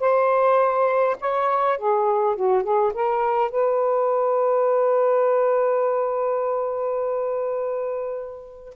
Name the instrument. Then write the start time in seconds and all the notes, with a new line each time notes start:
saxophone
0.00 C5
1.20 C#5
1.78 G#4
2.36 F#4
2.63 G#4
2.94 A#4
3.50 B4